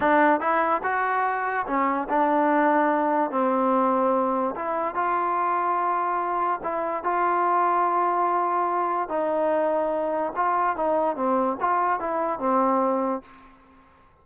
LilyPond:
\new Staff \with { instrumentName = "trombone" } { \time 4/4 \tempo 4 = 145 d'4 e'4 fis'2 | cis'4 d'2. | c'2. e'4 | f'1 |
e'4 f'2.~ | f'2 dis'2~ | dis'4 f'4 dis'4 c'4 | f'4 e'4 c'2 | }